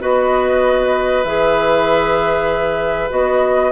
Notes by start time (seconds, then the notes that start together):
0.00 B3 F#4 B4 D#5
1.24 E3 G#4 E5
3.10 B3 F#4 D#5